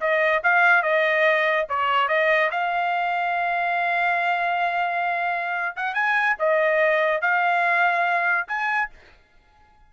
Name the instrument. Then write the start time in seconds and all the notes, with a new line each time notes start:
trumpet
0.00 D#5
0.43 F5
0.82 D#5
1.69 C#5
2.08 D#5
2.50 F5
5.76 F#5
5.94 G#5
6.39 D#5
7.21 F5
8.47 G#5